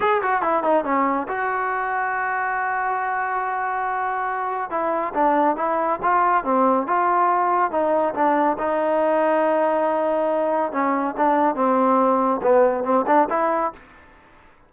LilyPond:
\new Staff \with { instrumentName = "trombone" } { \time 4/4 \tempo 4 = 140 gis'8 fis'8 e'8 dis'8 cis'4 fis'4~ | fis'1~ | fis'2. e'4 | d'4 e'4 f'4 c'4 |
f'2 dis'4 d'4 | dis'1~ | dis'4 cis'4 d'4 c'4~ | c'4 b4 c'8 d'8 e'4 | }